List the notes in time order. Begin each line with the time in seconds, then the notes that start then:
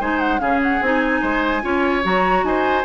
0.00 G#3 D#4 C5 G#5
0.19 F#5
0.39 C#3 C#4 G#4 F5
0.63 F#5
0.81 C4 D#4 G#5
1.21 G#3 C5
1.62 C#4 F4 C#5
2.03 F#3 F#4 A#5
2.43 D#4 C5 G#5